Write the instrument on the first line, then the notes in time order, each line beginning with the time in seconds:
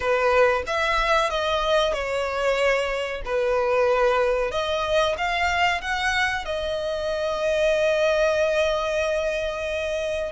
violin
0.00 B4
0.66 E5
1.30 D#5
1.93 C#5
3.25 B4
4.51 D#5
5.17 F5
5.81 F#5
6.45 D#5